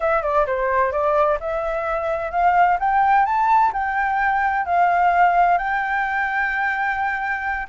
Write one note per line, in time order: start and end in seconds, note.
0.00 0.22 E5
0.22 0.45 D5
0.46 0.92 C5
0.92 1.38 D5
1.40 2.31 E5
2.31 2.77 F5
2.79 3.25 G5
3.25 3.72 A5
3.72 4.65 G5
4.65 5.58 F5
5.58 7.67 G5